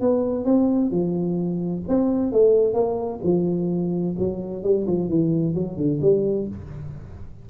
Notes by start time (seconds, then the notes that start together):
0.00 B3
0.44 C4
0.90 F3
1.88 C4
2.32 A3
2.73 A#3
3.23 F3
4.18 F#3
4.63 G3
4.87 F3
5.09 E3
5.54 F#3
5.77 D3
6.01 G3